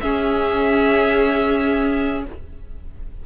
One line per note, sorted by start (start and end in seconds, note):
0.00 2.24 C#4
0.00 2.25 C#4
0.00 2.24 G#4
0.00 2.22 E5